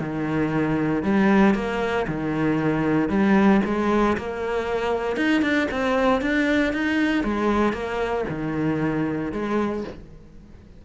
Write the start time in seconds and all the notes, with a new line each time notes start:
0.00 D#3
1.03 G3
1.55 A#3
2.08 D#3
3.09 G3
3.65 G#3
4.18 A#3
5.17 D#4
5.42 D4
5.71 C4
6.22 D4
6.73 D#4
7.24 G#3
7.73 A#3
8.29 D#3
9.32 G#3